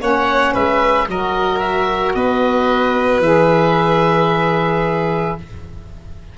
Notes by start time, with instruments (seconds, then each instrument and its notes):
0.00 tuba A#3, saxophone C#4, violin C#5, oboe F#5
0.54 tuba G#3, violin B4, oboe E5
1.08 tuba F#3, saxophone F#4, violin A#4, oboe D#5
1.60 oboe E5
2.15 tuba B3, violin B4, oboe D#5
3.20 tuba E3, saxophone G#4, oboe E5